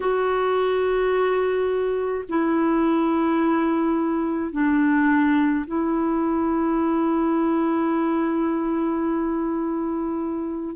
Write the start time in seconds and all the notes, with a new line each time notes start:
0.00 F#4
2.28 E4
4.51 D4
5.67 E4